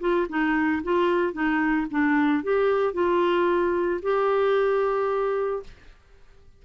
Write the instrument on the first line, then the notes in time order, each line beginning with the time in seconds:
clarinet
0.00 F4
0.29 D#4
0.83 F4
1.33 D#4
1.90 D4
2.43 G4
2.93 F4
4.02 G4